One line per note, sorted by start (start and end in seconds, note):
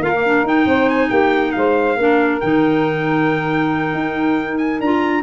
0.00 0.43 A#3
0.00 0.14 F4
0.00 0.68 A#4
0.00 0.46 F5
0.15 0.25 A#3
0.26 0.46 D4
0.43 0.65 D#4
0.43 1.98 D#4
0.43 0.89 G5
0.66 1.09 C4
0.66 1.08 C5
0.89 1.10 G#5
1.08 1.54 A#3
1.08 1.52 G4
1.08 1.52 G5
1.52 1.96 G#3
1.52 1.99 C5
1.52 2.38 F5
1.96 2.40 A#3
1.96 2.42 D4
1.96 5.23 A#4
2.41 3.94 D#3
2.41 4.82 D#4
2.41 4.58 G5
3.94 4.80 D#4
4.58 4.80 G#5
4.80 5.23 D4
4.80 5.23 F4
4.80 5.23 A#5